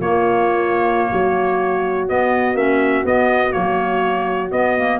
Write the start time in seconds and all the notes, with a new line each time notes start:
0.00 A#3 F4 C#5
1.12 F#3 F#4
2.08 B3 D#5
2.54 A#3 C#4 E5
3.04 B3 D#5
3.51 F#3 A#3 C#5
4.51 B3 D#5
4.77 A#3